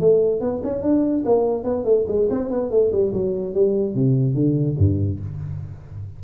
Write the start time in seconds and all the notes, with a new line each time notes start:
0.00 A3
0.40 B3
0.63 C#4
0.82 D4
1.25 A#3
1.64 B3
1.84 A3
2.08 G#3
2.30 C4
2.50 B3
2.71 A3
2.92 G3
3.13 F#3
3.54 G3
3.95 C3
4.34 D3
4.78 G2